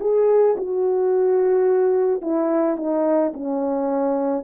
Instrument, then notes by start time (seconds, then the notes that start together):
horn
0.00 G#4
0.58 F#4
2.22 E4
2.77 D#4
3.34 C#4